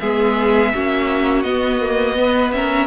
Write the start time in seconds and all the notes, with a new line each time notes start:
0.00 G#3 B3 G#4 E5
0.74 A#3 C#4 F#4
1.43 B3 D#5
1.81 A#3
2.16 B3 B4
2.52 C#4 A#4 E5